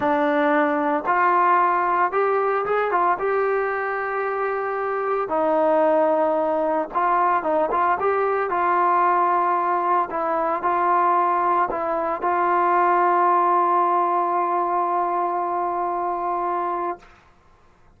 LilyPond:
\new Staff \with { instrumentName = "trombone" } { \time 4/4 \tempo 4 = 113 d'2 f'2 | g'4 gis'8 f'8 g'2~ | g'2 dis'2~ | dis'4 f'4 dis'8 f'8 g'4 |
f'2. e'4 | f'2 e'4 f'4~ | f'1~ | f'1 | }